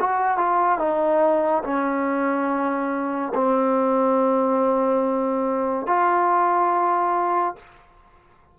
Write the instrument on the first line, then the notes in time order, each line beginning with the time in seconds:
trombone
0.00 F#4
0.38 F4
0.79 D#4
1.64 C#4
3.35 C4
5.87 F4